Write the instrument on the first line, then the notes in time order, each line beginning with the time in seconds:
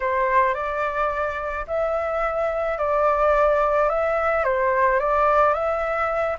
flute
0.00 C5
0.54 D5
1.67 E5
2.78 D5
3.89 E5
4.44 C5
4.99 D5
5.53 E5